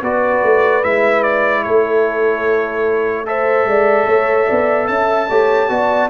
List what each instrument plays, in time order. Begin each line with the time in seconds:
0.00 tuba B3, trombone F#4, horn B4, trumpet D5
0.43 tuba A3
0.83 tuba G#3, trombone E4, trumpet E5
1.23 trumpet D5
1.63 tuba A3, horn A4, trumpet C#5
3.25 trombone A4, horn C5, trumpet E5
3.65 tuba G#3, horn D5
4.06 tuba A3, horn C#5
4.46 tuba B3, horn D5
4.87 tuba C#4, horn E5, trumpet A5
5.29 tuba A3, trombone G4, horn C#5
5.69 tuba B3, trombone F#4, horn D5